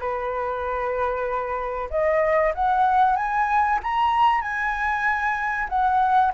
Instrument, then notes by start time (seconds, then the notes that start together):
flute
0.00 B4
1.90 D#5
2.55 F#5
3.17 G#5
3.84 A#5
4.42 G#5
5.70 F#5